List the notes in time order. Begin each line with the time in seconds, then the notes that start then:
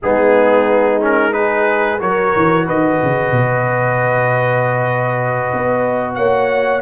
0.02 G#3 B3 D#4 G#4
1.01 C#4 A#4
1.32 D#4 G#4 B4
1.98 F#3 F#4 A#4 C#5
2.35 E3
2.65 D#3 B4 D#5
3.02 C#3
3.31 B2
5.52 B3
6.15 A#3 C#5 F#5